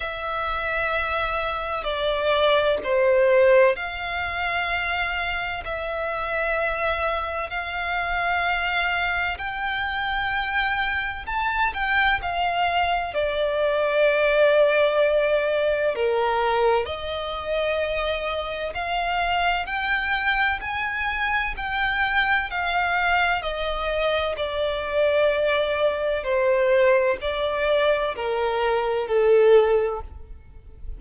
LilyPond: \new Staff \with { instrumentName = "violin" } { \time 4/4 \tempo 4 = 64 e''2 d''4 c''4 | f''2 e''2 | f''2 g''2 | a''8 g''8 f''4 d''2~ |
d''4 ais'4 dis''2 | f''4 g''4 gis''4 g''4 | f''4 dis''4 d''2 | c''4 d''4 ais'4 a'4 | }